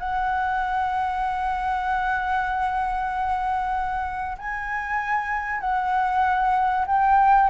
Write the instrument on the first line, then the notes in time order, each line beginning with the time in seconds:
flute
0.00 F#5
4.38 G#5
5.61 F#5
6.87 G5